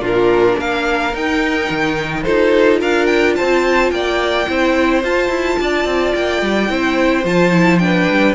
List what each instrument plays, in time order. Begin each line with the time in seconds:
0.00 cello A#2, viola D4, violin F4 A#4
0.57 cello A#3, violin A#4 F5
1.13 cello D#4, viola D#4, violin G5
1.70 cello D#3
2.23 cello D#4, viola F4, violin A4 C5
2.80 cello D4, violin A#4 F5
3.06 violin G5
3.36 cello C4, violin C5 A5
3.91 cello A#3, violin D5 G5
4.47 cello C4, viola E4, violin C5
5.04 cello F4, viola F4, violin A5
5.29 cello E4
5.60 cello D4, violin D5
5.85 cello C4
6.14 cello A#3, violin G5
6.42 cello G3
6.68 cello C4, viola E4, violin C5
7.24 cello F3, viola F4, violin A5
7.52 viola E4
7.79 viola D4, violin B4 G5
8.10 cello G3